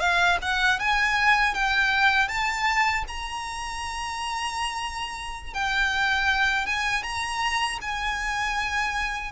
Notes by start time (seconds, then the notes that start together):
0.00 F5
0.42 F#5
0.80 G#5
1.55 G5
2.29 A5
3.08 A#5
5.54 G5
6.67 G#5
7.04 A#5
7.82 G#5